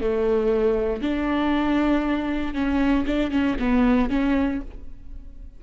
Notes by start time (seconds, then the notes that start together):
0.00 A3
1.01 D4
2.53 C#4
3.06 D4
3.30 C#4
3.59 B3
4.09 C#4